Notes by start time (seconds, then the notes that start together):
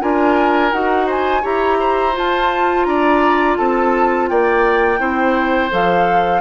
0.00 D4 F4 A#4 G#5
0.72 D#4 F#4 F#5
1.06 C5 G#5
1.42 E4 G4 C#5 A#5
1.79 C5
2.13 F4 A5
2.84 D4 D5 A#5
3.57 C4 A4 A5
4.28 A#3 D5 G5
4.98 C4 E4 C5
5.70 F3 A4 F5